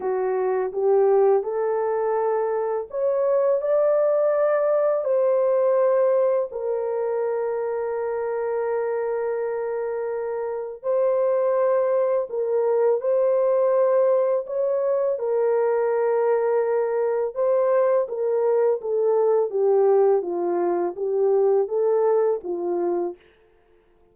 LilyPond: \new Staff \with { instrumentName = "horn" } { \time 4/4 \tempo 4 = 83 fis'4 g'4 a'2 | cis''4 d''2 c''4~ | c''4 ais'2.~ | ais'2. c''4~ |
c''4 ais'4 c''2 | cis''4 ais'2. | c''4 ais'4 a'4 g'4 | f'4 g'4 a'4 f'4 | }